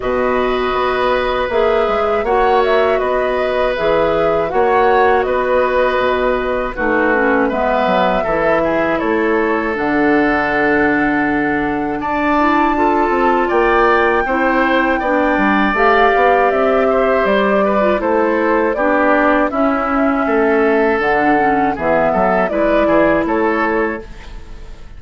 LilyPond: <<
  \new Staff \with { instrumentName = "flute" } { \time 4/4 \tempo 4 = 80 dis''2 e''4 fis''8 e''8 | dis''4 e''4 fis''4 dis''4~ | dis''4 b'4 e''2 | cis''4 fis''2. |
a''2 g''2~ | g''4 f''4 e''4 d''4 | c''4 d''4 e''2 | fis''4 e''4 d''4 cis''4 | }
  \new Staff \with { instrumentName = "oboe" } { \time 4/4 b'2. cis''4 | b'2 cis''4 b'4~ | b'4 fis'4 b'4 a'8 gis'8 | a'1 |
d''4 a'4 d''4 c''4 | d''2~ d''8 c''4 b'8 | a'4 g'4 e'4 a'4~ | a'4 gis'8 a'8 b'8 gis'8 a'4 | }
  \new Staff \with { instrumentName = "clarinet" } { \time 4/4 fis'2 gis'4 fis'4~ | fis'4 gis'4 fis'2~ | fis'4 dis'8 cis'8 b4 e'4~ | e'4 d'2.~ |
d'8 e'8 f'2 e'4 | d'4 g'2~ g'8. f'16 | e'4 d'4 cis'2 | d'8 cis'8 b4 e'2 | }
  \new Staff \with { instrumentName = "bassoon" } { \time 4/4 b,4 b4 ais8 gis8 ais4 | b4 e4 ais4 b4 | b,4 a4 gis8 fis8 e4 | a4 d2. |
d'4. c'8 ais4 c'4 | b8 g8 a8 b8 c'4 g4 | a4 b4 cis'4 a4 | d4 e8 fis8 gis8 e8 a4 | }
>>